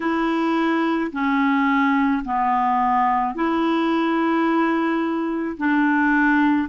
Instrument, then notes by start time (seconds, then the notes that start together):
clarinet
0.00 E4
1.12 C#4
2.25 B3
3.34 E4
5.57 D4